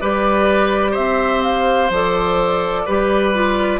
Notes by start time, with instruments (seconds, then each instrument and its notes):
0.00 bassoon G3, clarinet G4, oboe B4, flute D5
0.91 bassoon C4, oboe C5, flute E5
1.43 flute F5
1.89 bassoon F3, clarinet A4, flute D5
2.85 bassoon G3, clarinet G4, oboe B4
3.34 clarinet F4